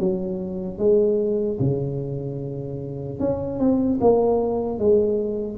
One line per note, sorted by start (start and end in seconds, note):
0.00 0.79 F#3
0.79 1.59 G#3
1.60 3.20 C#3
3.20 3.59 C#4
3.59 3.99 C4
4.01 4.79 A#3
4.79 5.58 G#3